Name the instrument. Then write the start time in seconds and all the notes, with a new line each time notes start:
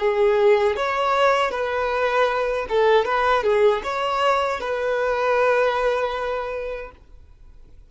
violin
0.00 G#4
0.76 C#5
1.51 B4
2.69 A4
3.05 B4
3.44 G#4
3.84 C#5
4.60 B4